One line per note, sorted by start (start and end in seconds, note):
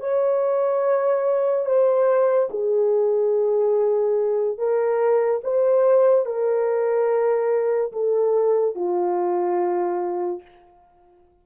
0.00 1.65 C#5
1.65 2.48 C5
2.50 4.58 G#4
4.58 5.41 A#4
5.43 6.25 C5
6.25 7.92 A#4
7.92 8.75 A4
8.75 10.41 F4